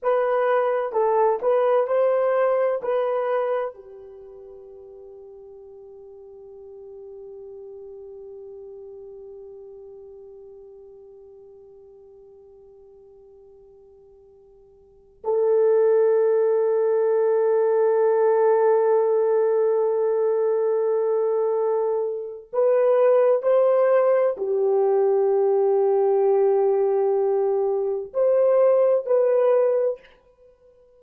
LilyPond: \new Staff \with { instrumentName = "horn" } { \time 4/4 \tempo 4 = 64 b'4 a'8 b'8 c''4 b'4 | g'1~ | g'1~ | g'1~ |
g'16 a'2.~ a'8.~ | a'1 | b'4 c''4 g'2~ | g'2 c''4 b'4 | }